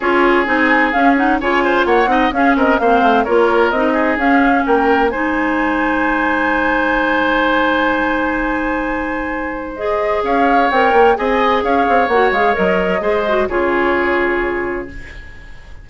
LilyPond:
<<
  \new Staff \with { instrumentName = "flute" } { \time 4/4 \tempo 4 = 129 cis''4 gis''4 f''8 fis''8 gis''4 | fis''4 f''8 dis''8 f''4 cis''4 | dis''4 f''4 g''4 gis''4~ | gis''1~ |
gis''1~ | gis''4 dis''4 f''4 g''4 | gis''4 f''4 fis''8 f''8 dis''4~ | dis''4 cis''2. | }
  \new Staff \with { instrumentName = "oboe" } { \time 4/4 gis'2. cis''8 c''8 | cis''8 dis''8 gis'8 ais'8 c''4 ais'4~ | ais'8 gis'4. ais'4 c''4~ | c''1~ |
c''1~ | c''2 cis''2 | dis''4 cis''2. | c''4 gis'2. | }
  \new Staff \with { instrumentName = "clarinet" } { \time 4/4 f'4 dis'4 cis'8 dis'8 f'4~ | f'8 dis'8 cis'4 c'4 f'4 | dis'4 cis'2 dis'4~ | dis'1~ |
dis'1~ | dis'4 gis'2 ais'4 | gis'2 fis'8 gis'8 ais'4 | gis'8 fis'8 f'2. | }
  \new Staff \with { instrumentName = "bassoon" } { \time 4/4 cis'4 c'4 cis'4 cis4 | ais8 c'8 cis'8 c'8 ais8 a8 ais4 | c'4 cis'4 ais4 gis4~ | gis1~ |
gis1~ | gis2 cis'4 c'8 ais8 | c'4 cis'8 c'8 ais8 gis8 fis4 | gis4 cis2. | }
>>